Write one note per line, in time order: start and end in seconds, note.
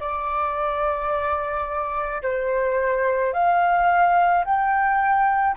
0.00 2.22 D5
2.22 3.33 C5
3.33 4.44 F5
4.44 5.56 G5